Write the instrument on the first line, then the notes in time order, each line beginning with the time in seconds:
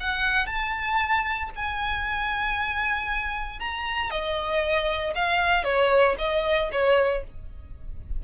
violin
0.00 F#5
0.47 A5
1.55 G#5
3.59 A#5
4.10 D#5
5.15 F5
5.64 C#5
6.18 D#5
6.72 C#5